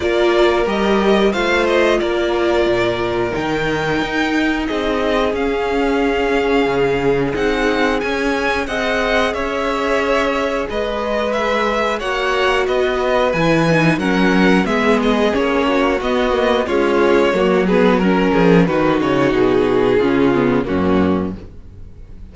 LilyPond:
<<
  \new Staff \with { instrumentName = "violin" } { \time 4/4 \tempo 4 = 90 d''4 dis''4 f''8 dis''8 d''4~ | d''4 g''2 dis''4 | f''2. fis''4 | gis''4 fis''4 e''2 |
dis''4 e''4 fis''4 dis''4 | gis''4 fis''4 e''8 dis''8 cis''4 | dis''4 cis''4. b'8 ais'4 | b'8 cis''8 gis'2 fis'4 | }
  \new Staff \with { instrumentName = "violin" } { \time 4/4 ais'2 c''4 ais'4~ | ais'2. gis'4~ | gis'1~ | gis'4 dis''4 cis''2 |
b'2 cis''4 b'4~ | b'4 ais'4 gis'4. fis'8~ | fis'4 f'4 fis'8 gis'8 ais'8 gis'8 | fis'2 f'4 cis'4 | }
  \new Staff \with { instrumentName = "viola" } { \time 4/4 f'4 g'4 f'2~ | f'4 dis'2. | cis'2. dis'4 | cis'4 gis'2.~ |
gis'2 fis'2 | e'8 dis'8 cis'4 b4 cis'4 | b8 ais8 gis4 ais8 b8 cis'4 | dis'2 cis'8 b8 ais4 | }
  \new Staff \with { instrumentName = "cello" } { \time 4/4 ais4 g4 a4 ais4 | ais,4 dis4 dis'4 c'4 | cis'2 cis4 c'4 | cis'4 c'4 cis'2 |
gis2 ais4 b4 | e4 fis4 gis4 ais4 | b4 cis'4 fis4. f8 | dis8 cis8 b,4 cis4 fis,4 | }
>>